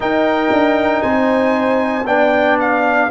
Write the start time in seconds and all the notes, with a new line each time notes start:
0.00 D#4 A#4 G5
0.50 D4
1.02 C4 C5 G#5
2.05 B3 D4 D5 G5
2.59 F5